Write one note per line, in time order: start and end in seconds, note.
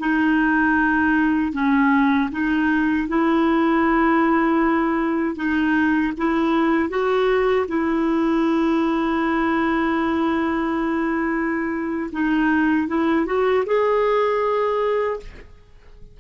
0.00 1.53 D#4
1.53 2.30 C#4
2.32 3.08 D#4
3.08 5.36 E4
5.36 6.13 D#4
6.18 6.90 E4
6.90 7.67 F#4
7.68 12.10 E4
12.13 12.88 D#4
12.88 13.26 E4
13.26 13.65 F#4
13.66 15.20 G#4